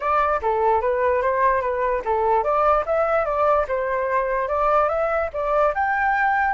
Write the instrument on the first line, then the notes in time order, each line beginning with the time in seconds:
flute
0.00 D5
0.42 A4
0.81 B4
1.22 C5
1.61 B4
2.04 A4
2.43 D5
2.86 E5
3.25 D5
3.68 C5
4.47 D5
4.88 E5
5.33 D5
5.74 G5